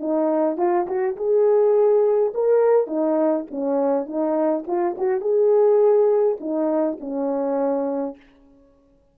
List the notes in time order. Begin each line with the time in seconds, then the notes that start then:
0.00 D#4
0.58 F4
0.87 F#4
1.17 G#4
2.34 A#4
2.87 D#4
3.51 C#4
4.06 D#4
4.67 F4
4.98 F#4
5.21 G#4
6.41 D#4
7.00 C#4